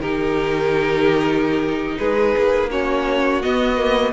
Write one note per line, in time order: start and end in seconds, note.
0.00 1.96 D#3
0.00 2.71 D#4
0.00 1.98 G4
0.00 1.97 A#4
1.98 2.35 G#3
1.98 2.70 G#4
1.98 2.69 B4
2.37 3.44 A#3
2.71 3.42 C#4
2.71 4.12 F#4
2.71 3.42 C#5
3.42 3.77 B3
3.42 4.12 B3
3.42 4.12 D#5
3.77 4.12 A#3